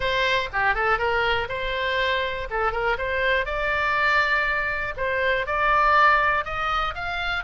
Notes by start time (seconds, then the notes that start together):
0.00 C5
0.52 G4
0.74 A4
0.98 A#4
1.49 C5
2.50 A4
2.72 A#4
2.98 C5
3.45 D5
4.96 C5
5.46 D5
6.44 D#5
6.94 F5